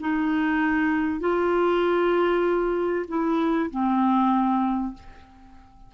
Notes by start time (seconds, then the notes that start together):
0.00 D#4
1.20 F4
3.08 E4
3.70 C4